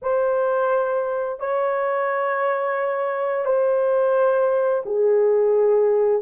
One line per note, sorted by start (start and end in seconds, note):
0.02 1.39 C5
1.39 3.45 C#5
3.45 4.83 C5
4.85 6.22 G#4